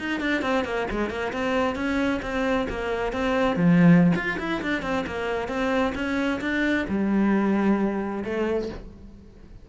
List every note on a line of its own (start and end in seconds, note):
0.00 0.21 D#4
0.21 0.42 D4
0.42 0.65 C4
0.65 0.88 A#3
0.91 1.10 G#3
1.10 1.33 A#3
1.33 1.76 C4
1.76 2.21 C#4
2.23 2.68 C4
2.70 3.13 A#3
3.13 3.57 C4
3.57 4.13 F3
4.16 4.39 F4
4.40 4.62 E4
4.63 4.83 D4
4.83 5.05 C4
5.07 5.49 A#3
5.49 5.94 C4
5.95 6.40 C#4
6.41 6.86 D4
6.89 8.24 G3
8.25 8.70 A3